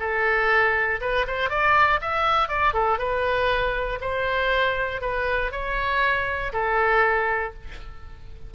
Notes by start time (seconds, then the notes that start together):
0.00 A4
1.01 B4
1.27 C5
1.50 D5
2.01 E5
2.48 D5
2.74 A4
2.99 B4
4.01 C5
5.01 B4
5.52 C#5
6.53 A4